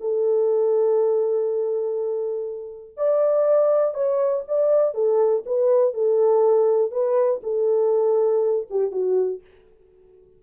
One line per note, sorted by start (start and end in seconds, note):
0.00 2.97 A4
2.97 3.94 D5
3.94 4.44 C#5
4.48 4.94 D5
4.94 5.44 A4
5.46 5.94 B4
5.94 6.91 A4
6.91 7.41 B4
7.43 8.67 A4
8.70 8.91 G4
8.91 9.41 F#4